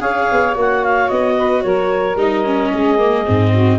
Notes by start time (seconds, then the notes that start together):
0.00 C#4 G#4 C#5 F5
0.32 B3
0.55 A#3 F#4 F#5
0.84 F5
1.09 B3 D#5
1.37 B4
1.62 F#3 A#4 C#5
2.16 G3 D#4 D#5
2.44 C#4
2.72 G#3 G#4
2.98 A#3
3.25 G#2 C4
3.52 F#4